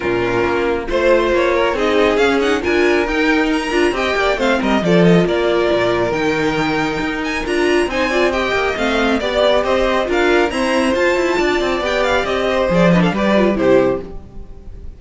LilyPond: <<
  \new Staff \with { instrumentName = "violin" } { \time 4/4 \tempo 4 = 137 ais'2 c''4 cis''4 | dis''4 f''8 fis''8 gis''4 g''4 | ais''4 g''4 f''8 dis''8 d''8 dis''8 | d''2 g''2~ |
g''8 gis''8 ais''4 gis''4 g''4 | f''4 d''4 dis''4 f''4 | ais''4 a''2 g''8 f''8 | dis''4 d''8 dis''16 f''16 d''4 c''4 | }
  \new Staff \with { instrumentName = "violin" } { \time 4/4 f'2 c''4. ais'8 | gis'2 ais'2~ | ais'4 dis''8 d''8 c''8 ais'8 a'4 | ais'1~ |
ais'2 c''8 d''8 dis''4~ | dis''4 d''4 c''4 ais'4 | c''2 d''2~ | d''8 c''4 b'16 a'16 b'4 g'4 | }
  \new Staff \with { instrumentName = "viola" } { \time 4/4 cis'2 f'2 | dis'4 cis'8 dis'8 f'4 dis'4~ | dis'8 f'8 g'4 c'4 f'4~ | f'2 dis'2~ |
dis'4 f'4 dis'8 f'8 g'4 | c'4 g'2 f'4 | c'4 f'2 g'4~ | g'4 gis'8 d'8 g'8 f'8 e'4 | }
  \new Staff \with { instrumentName = "cello" } { \time 4/4 ais,4 ais4 a4 ais4 | c'4 cis'4 d'4 dis'4~ | dis'8 d'8 c'8 ais8 a8 g8 f4 | ais4 ais,4 dis2 |
dis'4 d'4 c'4. ais8 | a4 b4 c'4 d'4 | e'4 f'8 e'8 d'8 c'8 b4 | c'4 f4 g4 c4 | }
>>